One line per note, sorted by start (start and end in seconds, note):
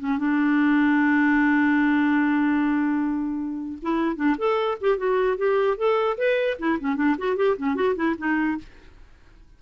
0.00 0.19 C#4
0.19 3.79 D4
3.83 4.16 E4
4.16 4.36 D4
4.38 4.78 A4
4.81 4.98 G4
4.98 5.38 F#4
5.38 5.78 G4
5.78 6.18 A4
6.18 6.58 B4
6.59 6.79 E4
6.80 6.97 C#4
6.97 7.17 D4
7.18 7.37 F#4
7.37 7.57 G4
7.58 7.76 C#4
7.76 7.96 F#4
7.96 8.16 E4
8.18 8.58 D#4